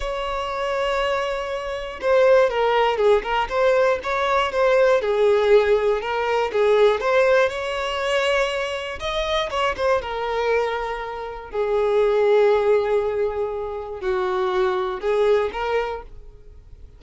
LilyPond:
\new Staff \with { instrumentName = "violin" } { \time 4/4 \tempo 4 = 120 cis''1 | c''4 ais'4 gis'8 ais'8 c''4 | cis''4 c''4 gis'2 | ais'4 gis'4 c''4 cis''4~ |
cis''2 dis''4 cis''8 c''8 | ais'2. gis'4~ | gis'1 | fis'2 gis'4 ais'4 | }